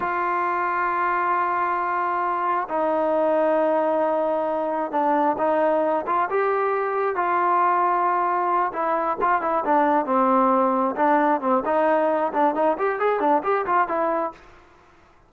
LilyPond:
\new Staff \with { instrumentName = "trombone" } { \time 4/4 \tempo 4 = 134 f'1~ | f'2 dis'2~ | dis'2. d'4 | dis'4. f'8 g'2 |
f'2.~ f'8 e'8~ | e'8 f'8 e'8 d'4 c'4.~ | c'8 d'4 c'8 dis'4. d'8 | dis'8 g'8 gis'8 d'8 g'8 f'8 e'4 | }